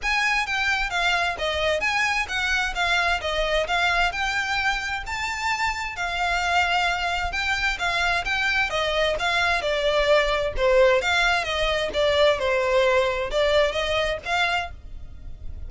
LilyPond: \new Staff \with { instrumentName = "violin" } { \time 4/4 \tempo 4 = 131 gis''4 g''4 f''4 dis''4 | gis''4 fis''4 f''4 dis''4 | f''4 g''2 a''4~ | a''4 f''2. |
g''4 f''4 g''4 dis''4 | f''4 d''2 c''4 | f''4 dis''4 d''4 c''4~ | c''4 d''4 dis''4 f''4 | }